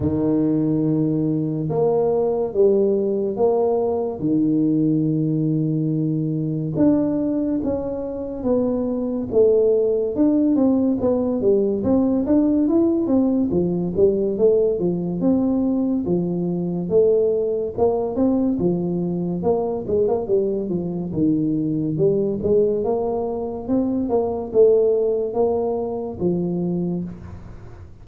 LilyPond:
\new Staff \with { instrumentName = "tuba" } { \time 4/4 \tempo 4 = 71 dis2 ais4 g4 | ais4 dis2. | d'4 cis'4 b4 a4 | d'8 c'8 b8 g8 c'8 d'8 e'8 c'8 |
f8 g8 a8 f8 c'4 f4 | a4 ais8 c'8 f4 ais8 gis16 ais16 | g8 f8 dis4 g8 gis8 ais4 | c'8 ais8 a4 ais4 f4 | }